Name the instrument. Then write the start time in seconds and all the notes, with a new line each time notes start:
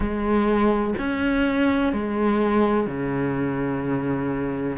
cello
0.00 G#3
0.98 C#4
1.93 G#3
2.86 C#3